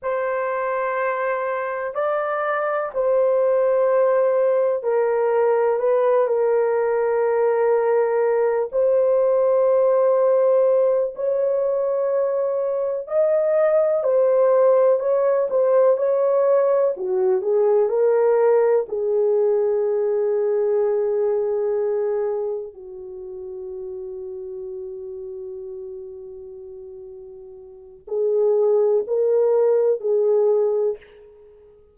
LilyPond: \new Staff \with { instrumentName = "horn" } { \time 4/4 \tempo 4 = 62 c''2 d''4 c''4~ | c''4 ais'4 b'8 ais'4.~ | ais'4 c''2~ c''8 cis''8~ | cis''4. dis''4 c''4 cis''8 |
c''8 cis''4 fis'8 gis'8 ais'4 gis'8~ | gis'2.~ gis'8 fis'8~ | fis'1~ | fis'4 gis'4 ais'4 gis'4 | }